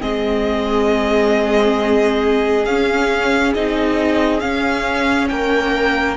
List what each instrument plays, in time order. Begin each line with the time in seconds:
0.00 cello G#3, viola C4, violin G#4 D#5
2.65 cello C#4, viola C#4, violin F5
3.54 cello C4, viola D#4, violin D#5
4.39 viola C#4, cello C#4, violin F5
5.29 cello A#3, violin A#4 G5